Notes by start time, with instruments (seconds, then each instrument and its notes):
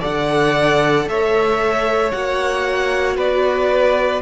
0.00 cello D3, viola A4, violin D5 F#5
1.07 cello A3, violin C#5 E5
2.11 cello A#3, viola F#4, violin F#5
3.16 cello B3, violin B4 D5